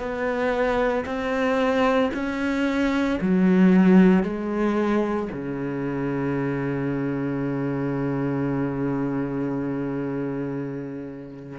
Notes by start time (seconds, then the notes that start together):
0.00 B3
1.06 C4
2.14 C#4
3.22 F#3
4.23 G#3
5.33 C#3